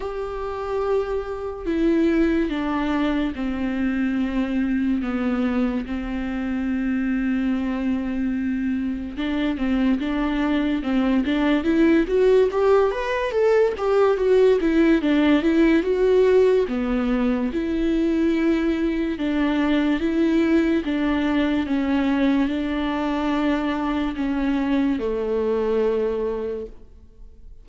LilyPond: \new Staff \with { instrumentName = "viola" } { \time 4/4 \tempo 4 = 72 g'2 e'4 d'4 | c'2 b4 c'4~ | c'2. d'8 c'8 | d'4 c'8 d'8 e'8 fis'8 g'8 b'8 |
a'8 g'8 fis'8 e'8 d'8 e'8 fis'4 | b4 e'2 d'4 | e'4 d'4 cis'4 d'4~ | d'4 cis'4 a2 | }